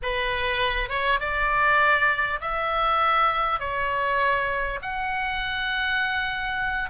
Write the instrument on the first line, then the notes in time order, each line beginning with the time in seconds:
oboe
0.02 B4
0.89 C#5
1.19 D5
2.40 E5
3.59 C#5
4.82 F#5